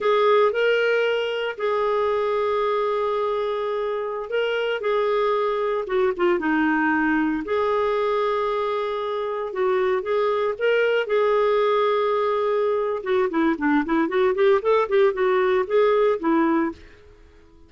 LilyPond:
\new Staff \with { instrumentName = "clarinet" } { \time 4/4 \tempo 4 = 115 gis'4 ais'2 gis'4~ | gis'1~ | gis'16 ais'4 gis'2 fis'8 f'16~ | f'16 dis'2 gis'4.~ gis'16~ |
gis'2~ gis'16 fis'4 gis'8.~ | gis'16 ais'4 gis'2~ gis'8.~ | gis'4 fis'8 e'8 d'8 e'8 fis'8 g'8 | a'8 g'8 fis'4 gis'4 e'4 | }